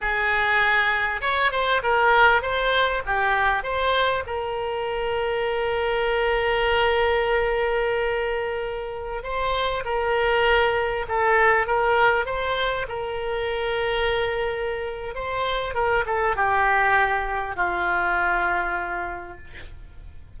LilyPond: \new Staff \with { instrumentName = "oboe" } { \time 4/4 \tempo 4 = 99 gis'2 cis''8 c''8 ais'4 | c''4 g'4 c''4 ais'4~ | ais'1~ | ais'2.~ ais'16 c''8.~ |
c''16 ais'2 a'4 ais'8.~ | ais'16 c''4 ais'2~ ais'8.~ | ais'4 c''4 ais'8 a'8 g'4~ | g'4 f'2. | }